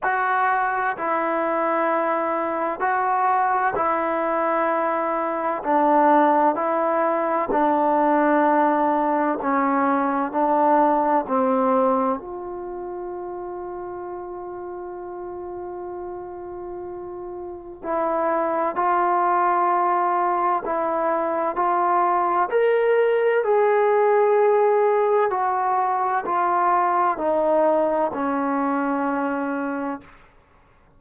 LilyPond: \new Staff \with { instrumentName = "trombone" } { \time 4/4 \tempo 4 = 64 fis'4 e'2 fis'4 | e'2 d'4 e'4 | d'2 cis'4 d'4 | c'4 f'2.~ |
f'2. e'4 | f'2 e'4 f'4 | ais'4 gis'2 fis'4 | f'4 dis'4 cis'2 | }